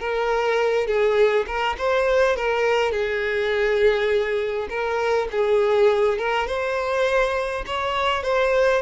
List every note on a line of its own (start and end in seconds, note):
0.00 0.87 A#4
0.87 1.46 G#4
1.47 1.76 A#4
1.78 2.36 C5
2.36 2.92 A#4
2.92 4.68 G#4
4.70 5.28 A#4
5.32 6.18 G#4
6.18 6.47 A#4
6.47 7.65 C5
7.66 8.23 C#5
8.23 8.82 C5